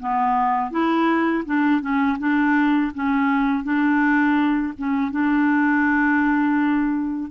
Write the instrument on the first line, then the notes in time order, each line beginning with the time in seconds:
clarinet
0.00 B3
0.71 E4
1.46 D4
1.81 C#4
2.19 D4
2.95 C#4
3.64 D4
4.78 C#4
5.12 D4